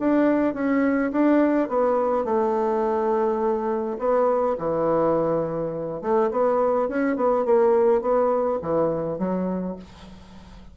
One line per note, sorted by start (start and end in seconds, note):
0.00 0.54 D4
0.54 1.12 C#4
1.12 1.69 D4
1.69 2.25 B3
2.25 3.98 A3
3.99 4.57 B3
4.59 6.02 E3
6.02 6.31 A3
6.31 6.89 B3
6.89 7.17 C#4
7.17 7.45 B3
7.45 8.02 A#3
8.02 8.59 B3
8.62 9.19 E3
9.19 9.77 F#3